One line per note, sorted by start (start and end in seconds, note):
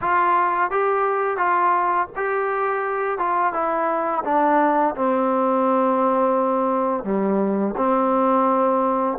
0.01 0.70 F4
0.70 1.37 G4
1.37 2.07 F4
2.16 3.18 G4
3.18 3.53 F4
3.53 4.24 E4
4.24 4.94 D4
4.95 7.04 C4
7.04 7.74 G3
7.76 9.18 C4